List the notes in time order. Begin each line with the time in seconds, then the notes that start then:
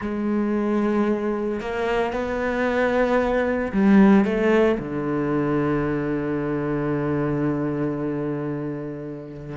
0.01 G#3
1.60 A#3
2.12 B3
3.72 G3
4.25 A3
4.79 D3